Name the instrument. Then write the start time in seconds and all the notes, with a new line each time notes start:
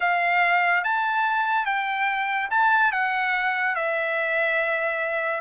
trumpet
0.00 F5
0.83 A5
1.65 G5
2.50 A5
2.91 F#5
3.75 E5